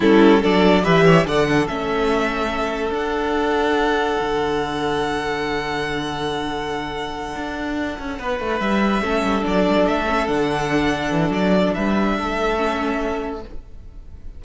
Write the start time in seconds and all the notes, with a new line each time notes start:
0.00 G3 C#4 E4 A4
0.40 F#3 D4 A4 D5
0.83 E3 G4 B4 E5
1.05 C#5
1.25 D3 A4 D5 F#5
1.48 D4 A4
1.67 A3 C#4 E5
2.90 D4 F#5
4.21 D3
7.35 D4
7.98 C#4
8.18 B3 B4
8.39 A3
8.59 G3 E5
9.01 A3 C#4 A4
9.23 G3
9.41 F#3 D4 D5
9.68 G3
9.75 F#3
9.86 A3 E5
10.06 C#4
10.27 D3 D4 F#5
11.11 E3
11.29 F#3 D5
11.74 G3 B4 E5
12.16 A3 A4
12.56 C#4